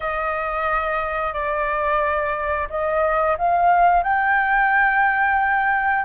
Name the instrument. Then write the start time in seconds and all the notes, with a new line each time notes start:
flute
0.00 D#5
1.33 D5
2.69 D#5
3.38 F5
4.03 G5